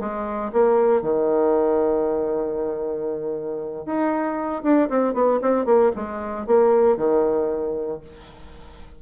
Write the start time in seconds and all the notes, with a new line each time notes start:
0.00 G#3
0.53 A#3
1.02 D#3
3.86 D#4
4.63 D4
4.89 C4
5.14 B3
5.42 C4
5.65 A#3
5.96 G#3
6.47 A#3
6.97 D#3